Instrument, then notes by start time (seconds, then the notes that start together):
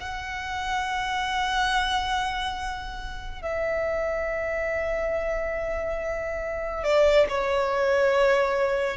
violin
0.00 F#5
3.42 E5
6.84 D5
7.29 C#5